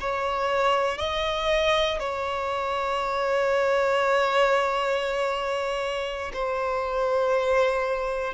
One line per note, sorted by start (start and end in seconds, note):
0.00 0.98 C#5
0.98 1.99 D#5
1.99 6.31 C#5
6.33 8.33 C5